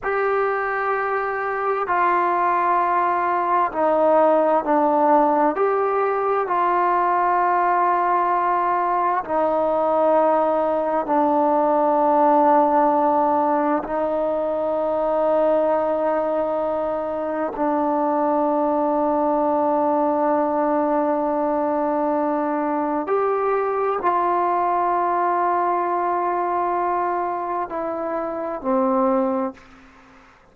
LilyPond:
\new Staff \with { instrumentName = "trombone" } { \time 4/4 \tempo 4 = 65 g'2 f'2 | dis'4 d'4 g'4 f'4~ | f'2 dis'2 | d'2. dis'4~ |
dis'2. d'4~ | d'1~ | d'4 g'4 f'2~ | f'2 e'4 c'4 | }